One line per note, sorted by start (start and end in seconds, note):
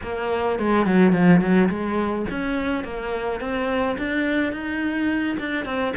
0.02 0.59 A#3
0.59 0.85 G#3
0.85 1.12 F#3
1.12 1.40 F3
1.40 1.69 F#3
1.69 2.25 G#3
2.30 2.84 C#4
2.84 3.40 A#3
3.40 3.96 C4
3.98 4.52 D4
4.52 5.37 D#4
5.39 5.65 D4
5.65 5.93 C4